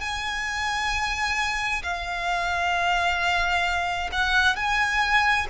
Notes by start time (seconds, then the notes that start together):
0.00 G#5
1.82 F5
4.12 F#5
4.55 G#5